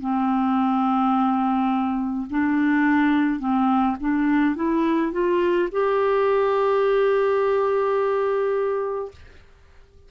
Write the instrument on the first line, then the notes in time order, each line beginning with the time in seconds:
clarinet
0.00 C4
2.30 D4
3.40 C4
3.99 D4
4.55 E4
5.12 F4
5.72 G4